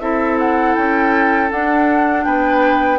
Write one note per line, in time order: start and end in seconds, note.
0.00 0.75 C4
0.00 1.50 E4
0.00 2.26 A4
0.00 0.38 E5
0.39 0.75 F#5
0.75 1.51 C#4
0.75 1.50 G5
1.50 2.98 D4
1.50 2.26 D4
1.50 2.24 F#5
2.24 2.98 B3
2.24 2.98 B4
2.24 2.98 G5